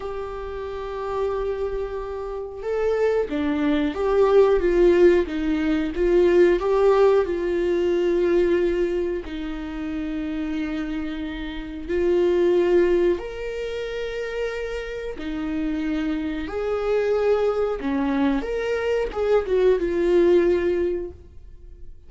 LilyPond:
\new Staff \with { instrumentName = "viola" } { \time 4/4 \tempo 4 = 91 g'1 | a'4 d'4 g'4 f'4 | dis'4 f'4 g'4 f'4~ | f'2 dis'2~ |
dis'2 f'2 | ais'2. dis'4~ | dis'4 gis'2 cis'4 | ais'4 gis'8 fis'8 f'2 | }